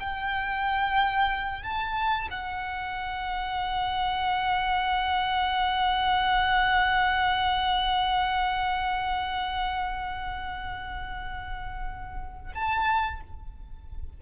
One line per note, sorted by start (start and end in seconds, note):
0.00 1.63 G5
1.63 2.29 A5
2.31 12.53 F#5
12.55 13.21 A5